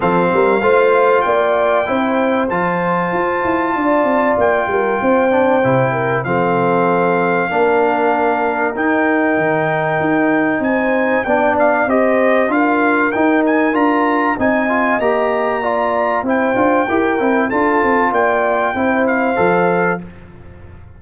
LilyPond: <<
  \new Staff \with { instrumentName = "trumpet" } { \time 4/4 \tempo 4 = 96 f''2 g''2 | a''2. g''4~ | g''2 f''2~ | f''2 g''2~ |
g''4 gis''4 g''8 f''8 dis''4 | f''4 g''8 gis''8 ais''4 gis''4 | ais''2 g''2 | a''4 g''4. f''4. | }
  \new Staff \with { instrumentName = "horn" } { \time 4/4 a'8 ais'8 c''4 d''4 c''4~ | c''2 d''4. ais'8 | c''4. ais'8 a'2 | ais'1~ |
ais'4 c''4 d''4 c''4 | ais'2. dis''4~ | dis''4 d''4 c''4 ais'4 | a'4 d''4 c''2 | }
  \new Staff \with { instrumentName = "trombone" } { \time 4/4 c'4 f'2 e'4 | f'1~ | f'8 d'8 e'4 c'2 | d'2 dis'2~ |
dis'2 d'4 g'4 | f'4 dis'4 f'4 dis'8 f'8 | g'4 f'4 e'8 f'8 g'8 e'8 | f'2 e'4 a'4 | }
  \new Staff \with { instrumentName = "tuba" } { \time 4/4 f8 g8 a4 ais4 c'4 | f4 f'8 e'8 d'8 c'8 ais8 g8 | c'4 c4 f2 | ais2 dis'4 dis4 |
dis'4 c'4 b4 c'4 | d'4 dis'4 d'4 c'4 | ais2 c'8 d'8 e'8 c'8 | d'8 c'8 ais4 c'4 f4 | }
>>